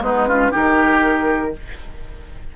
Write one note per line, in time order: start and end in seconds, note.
0.00 0.50 G#3
0.00 0.28 B3
0.00 0.28 D#4
0.00 0.54 B4
0.28 0.51 C#4
0.28 0.51 F4
0.51 1.56 D#3
0.51 1.52 D#4
0.51 1.52 G4
0.51 1.55 A#4